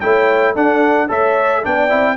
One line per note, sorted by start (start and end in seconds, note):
0.00 0.56 A3
0.00 0.55 E4
0.00 0.53 C#5
0.00 0.54 G5
0.53 1.08 D4
0.53 1.10 D4
0.53 1.07 A4
0.53 1.10 F#5
1.08 1.64 A3
1.08 1.62 A4
1.08 1.62 C#5
1.08 1.65 E5
1.62 1.92 B3
1.62 1.89 D4
1.62 2.16 D5
1.62 2.17 G5
1.89 2.17 C4
1.89 2.16 E4